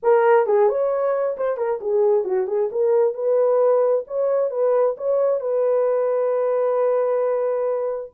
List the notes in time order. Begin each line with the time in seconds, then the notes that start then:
0.02 A#4
0.46 G#4
0.68 C#5
1.37 C5
1.57 A#4
1.80 G#4
2.24 F#4
2.47 G#4
2.71 A#4
3.14 B4
4.07 C#5
4.50 B4
4.97 C#5
5.40 B4